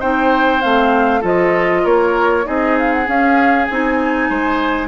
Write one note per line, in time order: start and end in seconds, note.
0.00 0.64 C4
0.00 0.62 D#4
0.00 1.21 C5
0.00 0.62 G5
0.62 1.23 A3
0.62 1.22 C4
0.62 1.23 F5
1.21 1.85 F3
1.21 2.44 F4
1.21 1.82 A4
1.21 1.86 D#5
1.84 2.46 A#3
1.84 2.45 A#4
1.84 2.47 C#5
2.44 3.08 C4
2.44 3.05 D#4
2.44 4.30 G#4
2.44 2.78 D#5
2.79 2.93 F5
2.93 3.08 F#5
3.05 3.67 C#4
3.05 3.69 C#4
3.05 3.66 F5
3.66 4.30 C4
3.66 4.88 D#4
3.66 4.88 G#5
4.30 4.88 G#3
4.30 4.88 C5